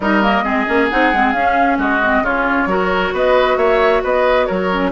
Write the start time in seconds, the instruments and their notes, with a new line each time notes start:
0.00 bassoon G3, clarinet D#4, oboe A#4, flute D#5
0.22 clarinet A#3
0.43 bassoon G#3, clarinet C4, oboe G#4
0.66 bassoon A#3, clarinet C#4
0.89 bassoon C4, clarinet D#4, flute F#5
1.13 bassoon G#3, clarinet C4
1.32 bassoon C#4, clarinet C#4, flute F5
1.78 bassoon G#3, oboe F#4, flute D#5
2.03 clarinet C4
2.21 bassoon C#3, clarinet C#4, oboe F4, flute C#5
2.65 bassoon F#3, clarinet F#4, oboe A#4
3.12 bassoon B3, oboe B4, flute D#5
3.56 bassoon A#3, oboe C#5, flute E5
4.03 bassoon B3, oboe B4, flute D#5
4.45 bassoon F#3, oboe A#4, flute C#5
4.70 clarinet C#4